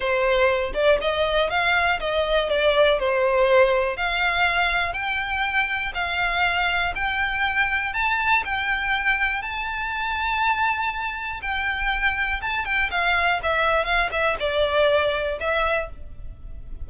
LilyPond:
\new Staff \with { instrumentName = "violin" } { \time 4/4 \tempo 4 = 121 c''4. d''8 dis''4 f''4 | dis''4 d''4 c''2 | f''2 g''2 | f''2 g''2 |
a''4 g''2 a''4~ | a''2. g''4~ | g''4 a''8 g''8 f''4 e''4 | f''8 e''8 d''2 e''4 | }